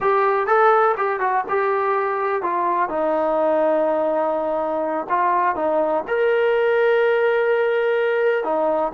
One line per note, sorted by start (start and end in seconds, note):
0.00 0.47 G4
0.47 0.95 A4
0.97 1.20 G4
1.20 1.44 F#4
1.48 2.42 G4
2.42 2.89 F4
2.89 5.07 D#4
5.09 5.55 F4
5.55 6.04 D#4
6.07 8.44 A#4
8.44 8.92 D#4